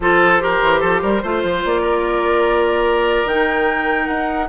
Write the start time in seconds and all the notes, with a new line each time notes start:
0.00 F3 F4 A4 C5
0.40 G4 A#4
0.62 E3
0.80 F3 A4
1.02 G3 A#4
1.22 A3 F4 C5
1.43 F3
1.65 A#3 D5
1.81 A#4
3.24 D#3 D#4 G5
4.07 D#4 F#5